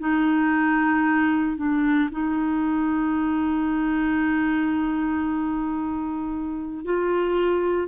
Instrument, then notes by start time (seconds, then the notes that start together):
clarinet
0.00 D#4
1.57 D4
2.11 D#4
6.85 F4